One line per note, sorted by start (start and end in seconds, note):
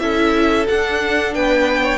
0.00 0.68 C#4
0.00 0.67 E4
0.00 1.35 A4
0.00 0.67 E5
0.69 1.36 D4
0.69 1.98 D4
0.69 1.35 F#5
1.35 1.98 B3
1.35 1.83 B4
1.35 1.98 G5
1.83 1.98 C#5